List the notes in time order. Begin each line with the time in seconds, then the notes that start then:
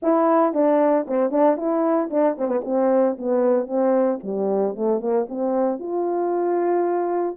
0.02 E4
0.53 D4
1.07 C4
1.30 D4
1.56 E4
2.10 D4
2.38 C4
2.48 B3
2.64 C4
3.17 B3
3.66 C4
4.23 G3
4.75 A3
5.00 A#3
5.28 C4
5.79 F4